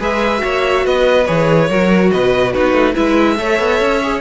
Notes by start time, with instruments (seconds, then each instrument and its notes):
0.00 cello G#3, viola G#4, violin B4 E5
0.38 cello A#3, viola F#4, violin C#5
0.85 cello B3, violin B4 D#5
1.26 cello E3, viola G#4, violin C#5
1.70 cello F#3, viola F#4, violin A#4
2.12 cello B2, violin B4 D#5
2.53 cello B3, viola D#4, violin F#4 B4
2.73 cello A3
2.94 cello G#3, viola E4, violin B4 E5
3.39 cello A3, viola A4, violin C#5
3.59 cello B3
3.81 cello C#4
4.03 viola G#4